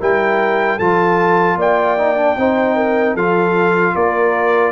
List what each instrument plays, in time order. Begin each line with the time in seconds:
0.00 tuba G3, trombone E4, horn A#4, trumpet G5
0.77 tuba F3, trombone F4, horn A4, trumpet A5
1.56 tuba A#3, horn D5, trumpet G5
1.98 trombone D#4
2.16 trombone D4
2.37 tuba C4, trombone D#4, horn C5
2.76 horn A#4
3.14 tuba F3, trombone F4, horn A4, trumpet F5
3.95 tuba A#3, horn A#4, trumpet D5